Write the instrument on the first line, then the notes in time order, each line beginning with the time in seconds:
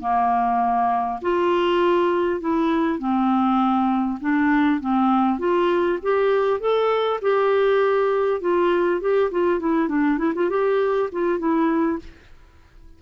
clarinet
0.00 A#3
1.22 F4
2.40 E4
2.99 C4
4.20 D4
4.80 C4
5.39 F4
6.02 G4
6.60 A4
7.22 G4
8.41 F4
9.01 G4
9.31 F4
9.59 E4
9.88 D4
10.18 E4
10.34 F4
10.49 G4
11.12 F4
11.39 E4